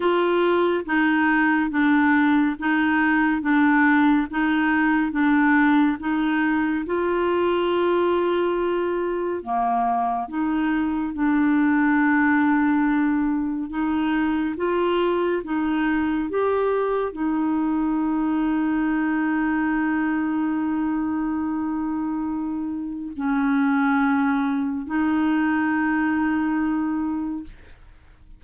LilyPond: \new Staff \with { instrumentName = "clarinet" } { \time 4/4 \tempo 4 = 70 f'4 dis'4 d'4 dis'4 | d'4 dis'4 d'4 dis'4 | f'2. ais4 | dis'4 d'2. |
dis'4 f'4 dis'4 g'4 | dis'1~ | dis'2. cis'4~ | cis'4 dis'2. | }